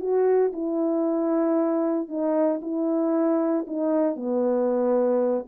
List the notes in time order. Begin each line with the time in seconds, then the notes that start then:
0.00 F#4
0.53 E4
2.08 D#4
2.62 E4
3.67 D#4
4.16 B3